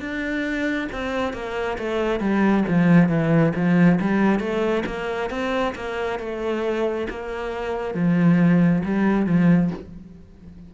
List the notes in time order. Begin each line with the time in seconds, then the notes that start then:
0.00 D4
0.92 C4
1.34 A#3
1.78 A3
2.20 G3
2.68 F3
3.09 E3
3.55 F3
4.01 G3
4.40 A3
4.86 A#3
5.31 C4
5.76 A#3
6.19 A3
7.10 A#3
7.95 F3
8.85 G3
9.26 F3